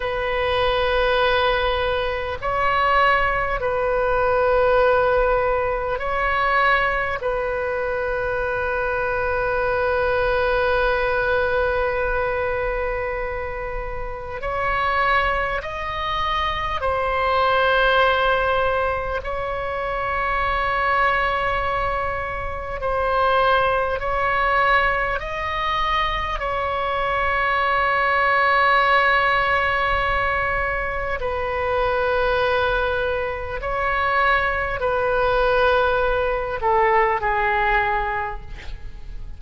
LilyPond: \new Staff \with { instrumentName = "oboe" } { \time 4/4 \tempo 4 = 50 b'2 cis''4 b'4~ | b'4 cis''4 b'2~ | b'1 | cis''4 dis''4 c''2 |
cis''2. c''4 | cis''4 dis''4 cis''2~ | cis''2 b'2 | cis''4 b'4. a'8 gis'4 | }